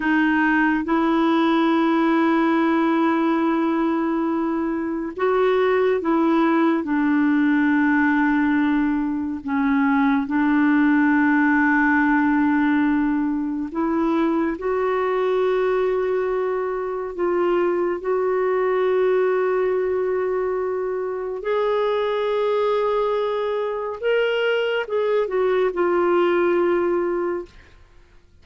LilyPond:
\new Staff \with { instrumentName = "clarinet" } { \time 4/4 \tempo 4 = 70 dis'4 e'2.~ | e'2 fis'4 e'4 | d'2. cis'4 | d'1 |
e'4 fis'2. | f'4 fis'2.~ | fis'4 gis'2. | ais'4 gis'8 fis'8 f'2 | }